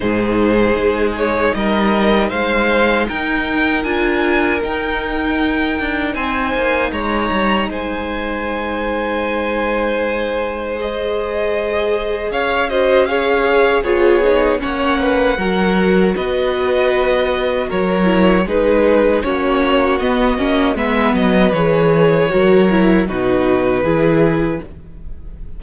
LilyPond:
<<
  \new Staff \with { instrumentName = "violin" } { \time 4/4 \tempo 4 = 78 c''4. cis''8 dis''4 f''4 | g''4 gis''4 g''2 | gis''4 ais''4 gis''2~ | gis''2 dis''2 |
f''8 dis''8 f''4 cis''4 fis''4~ | fis''4 dis''2 cis''4 | b'4 cis''4 dis''4 e''8 dis''8 | cis''2 b'2 | }
  \new Staff \with { instrumentName = "violin" } { \time 4/4 gis'2 ais'4 c''4 | ais'1 | c''4 cis''4 c''2~ | c''1 |
cis''8 c''8 cis''4 gis'4 cis''8 b'8 | ais'4 b'2 ais'4 | gis'4 fis'2 b'4~ | b'4 ais'4 fis'4 gis'4 | }
  \new Staff \with { instrumentName = "viola" } { \time 4/4 dis'1~ | dis'4 f'4 dis'2~ | dis'1~ | dis'2 gis'2~ |
gis'8 fis'8 gis'4 f'8 dis'8 cis'4 | fis'2.~ fis'8 e'8 | dis'4 cis'4 b8 cis'8 b4 | gis'4 fis'8 e'8 dis'4 e'4 | }
  \new Staff \with { instrumentName = "cello" } { \time 4/4 gis,4 gis4 g4 gis4 | dis'4 d'4 dis'4. d'8 | c'8 ais8 gis8 g8 gis2~ | gis1 |
cis'2 b4 ais4 | fis4 b2 fis4 | gis4 ais4 b8 ais8 gis8 fis8 | e4 fis4 b,4 e4 | }
>>